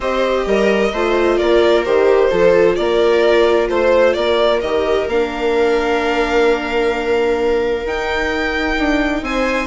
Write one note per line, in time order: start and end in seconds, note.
0.00 0.45 C4
0.00 0.93 G4
0.00 0.47 C5
0.00 1.38 D#5
0.46 0.92 G3
0.46 0.93 A#4
0.92 1.38 A3
0.92 1.85 F4
0.92 1.37 C5
1.37 1.86 A#3
1.37 2.29 A#4
1.37 1.84 D5
1.84 2.31 D#3
1.84 2.30 G4
1.84 2.75 C5
2.30 2.77 F3
2.30 4.61 F4
2.30 2.77 A4
2.75 3.69 A#3
2.75 3.71 A#4
2.75 3.67 D5
3.69 4.15 A3
3.69 4.13 C5
3.69 4.16 C5
4.13 4.62 A#3
4.13 9.23 A#4
4.13 4.60 D5
4.60 5.07 D#3
4.60 5.09 G4
4.60 5.07 D#5
5.07 7.84 A#3
5.07 7.85 D4
5.07 7.86 F5
7.84 8.76 D#4
7.84 9.67 D#4
7.84 9.24 G5
8.78 9.22 D4
9.22 9.67 C4
9.22 9.67 C5
9.22 9.67 G#5